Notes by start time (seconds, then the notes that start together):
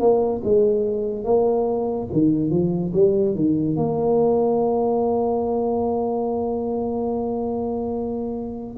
0.00 A#3
0.44 G#3
1.24 A#3
2.12 D#3
2.50 F3
2.93 G3
3.34 D#3
3.76 A#3